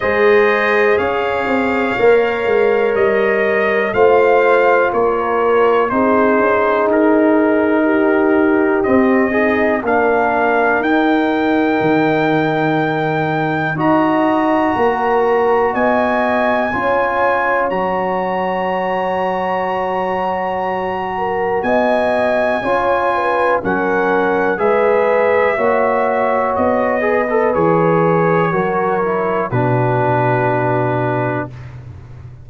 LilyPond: <<
  \new Staff \with { instrumentName = "trumpet" } { \time 4/4 \tempo 4 = 61 dis''4 f''2 dis''4 | f''4 cis''4 c''4 ais'4~ | ais'4 dis''4 f''4 g''4~ | g''2 ais''2 |
gis''2 ais''2~ | ais''2 gis''2 | fis''4 e''2 dis''4 | cis''2 b'2 | }
  \new Staff \with { instrumentName = "horn" } { \time 4/4 c''4 cis''2. | c''4 ais'4 gis'2 | g'4. dis'8 ais'2~ | ais'2 dis''4 ais'4 |
dis''4 cis''2.~ | cis''4. ais'8 dis''4 cis''8 b'8 | ais'4 b'4 cis''4. b'8~ | b'4 ais'4 fis'2 | }
  \new Staff \with { instrumentName = "trombone" } { \time 4/4 gis'2 ais'2 | f'2 dis'2~ | dis'4 c'8 gis'8 d'4 dis'4~ | dis'2 fis'2~ |
fis'4 f'4 fis'2~ | fis'2. f'4 | cis'4 gis'4 fis'4. gis'16 a'16 | gis'4 fis'8 e'8 d'2 | }
  \new Staff \with { instrumentName = "tuba" } { \time 4/4 gis4 cis'8 c'8 ais8 gis8 g4 | a4 ais4 c'8 cis'8 dis'4~ | dis'4 c'4 ais4 dis'4 | dis2 dis'4 ais4 |
b4 cis'4 fis2~ | fis2 b4 cis'4 | fis4 gis4 ais4 b4 | e4 fis4 b,2 | }
>>